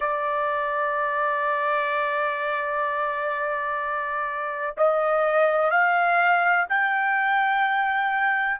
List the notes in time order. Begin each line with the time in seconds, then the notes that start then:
0.00 D5
4.77 D#5
5.70 F5
6.69 G5